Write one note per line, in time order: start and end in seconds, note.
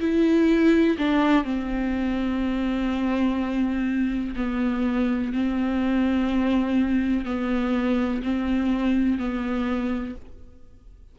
0.00 0.97 E4
0.98 1.44 D4
1.44 4.35 C4
4.36 5.33 B3
5.33 7.25 C4
7.25 8.22 B3
8.23 9.19 C4
9.19 10.16 B3